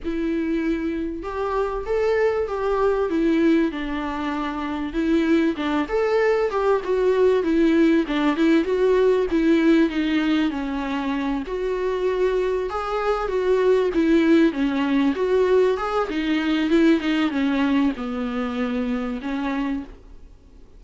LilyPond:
\new Staff \with { instrumentName = "viola" } { \time 4/4 \tempo 4 = 97 e'2 g'4 a'4 | g'4 e'4 d'2 | e'4 d'8 a'4 g'8 fis'4 | e'4 d'8 e'8 fis'4 e'4 |
dis'4 cis'4. fis'4.~ | fis'8 gis'4 fis'4 e'4 cis'8~ | cis'8 fis'4 gis'8 dis'4 e'8 dis'8 | cis'4 b2 cis'4 | }